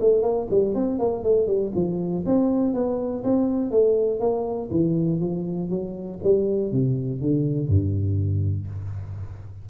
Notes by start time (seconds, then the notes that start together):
0.00 A3
0.22 A#3
0.50 G3
0.74 C4
0.99 A#3
1.23 A3
1.47 G3
1.75 F3
2.25 C4
2.73 B3
3.23 C4
3.71 A3
4.19 A#3
4.71 E3
5.20 F3
5.69 F#3
6.23 G3
6.71 C3
7.21 D3
7.68 G2